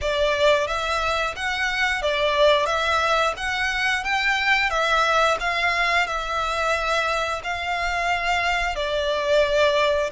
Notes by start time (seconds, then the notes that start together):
0.01 D5
0.67 E5
1.36 F#5
2.02 D5
2.66 E5
3.36 F#5
4.04 G5
4.69 E5
5.40 F5
6.06 E5
7.43 F5
8.75 D5